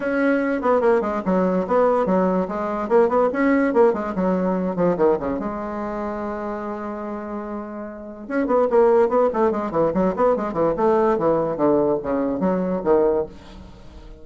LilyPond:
\new Staff \with { instrumentName = "bassoon" } { \time 4/4 \tempo 4 = 145 cis'4. b8 ais8 gis8 fis4 | b4 fis4 gis4 ais8 b8 | cis'4 ais8 gis8 fis4. f8 | dis8 cis8 gis2.~ |
gis1 | cis'8 b8 ais4 b8 a8 gis8 e8 | fis8 b8 gis8 e8 a4 e4 | d4 cis4 fis4 dis4 | }